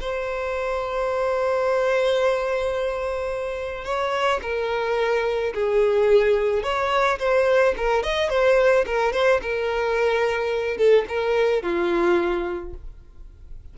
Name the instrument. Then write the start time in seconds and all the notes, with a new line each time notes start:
violin
0.00 C5
3.85 C#5
4.42 A#4
5.54 G#4
6.63 C#5
7.19 C5
7.77 A#4
8.03 D#5
8.29 C5
8.86 A#4
9.12 C5
9.42 A#4
10.77 A4
11.09 A#4
11.62 F4